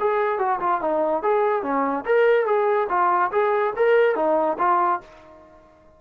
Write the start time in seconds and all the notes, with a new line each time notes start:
0.00 G#4
0.39 F#4
0.60 F4
0.81 D#4
1.23 G#4
1.63 C#4
2.05 A#4
2.46 G#4
2.89 F4
3.32 G#4
3.76 A#4
4.16 D#4
4.59 F4